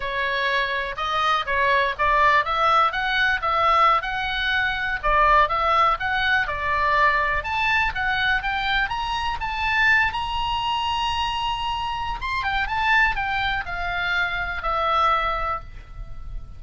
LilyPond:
\new Staff \with { instrumentName = "oboe" } { \time 4/4 \tempo 4 = 123 cis''2 dis''4 cis''4 | d''4 e''4 fis''4 e''4~ | e''16 fis''2 d''4 e''8.~ | e''16 fis''4 d''2 a''8.~ |
a''16 fis''4 g''4 ais''4 a''8.~ | a''8. ais''2.~ ais''16~ | ais''4 c'''8 g''8 a''4 g''4 | f''2 e''2 | }